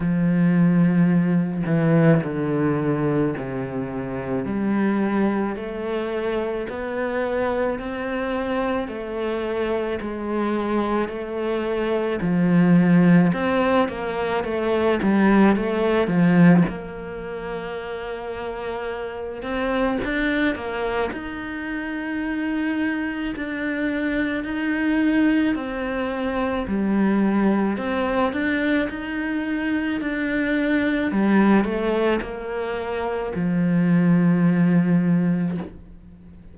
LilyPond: \new Staff \with { instrumentName = "cello" } { \time 4/4 \tempo 4 = 54 f4. e8 d4 c4 | g4 a4 b4 c'4 | a4 gis4 a4 f4 | c'8 ais8 a8 g8 a8 f8 ais4~ |
ais4. c'8 d'8 ais8 dis'4~ | dis'4 d'4 dis'4 c'4 | g4 c'8 d'8 dis'4 d'4 | g8 a8 ais4 f2 | }